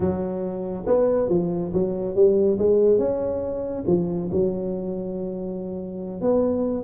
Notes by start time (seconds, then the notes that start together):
0.00 F#3
0.86 B3
1.29 F3
1.73 F#3
2.15 G3
2.58 G#3
2.98 C#4
3.86 F3
4.31 F#3
6.21 B3